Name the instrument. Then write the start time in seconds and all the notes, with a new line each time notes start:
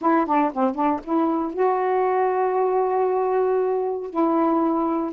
saxophone
0.01 E4
0.26 D4
0.53 C4
0.74 D4
1.03 E4
1.53 F#4
4.09 E4